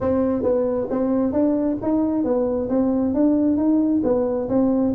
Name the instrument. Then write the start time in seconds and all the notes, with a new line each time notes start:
tuba
0.00 C4
0.42 B3
0.90 C4
1.32 D4
1.82 D#4
2.23 B3
2.69 C4
3.14 D4
3.57 D#4
4.03 B3
4.48 C4